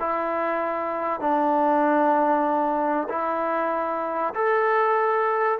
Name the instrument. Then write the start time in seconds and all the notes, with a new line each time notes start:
trombone
0.00 E4
1.20 D4
3.09 E4
4.34 A4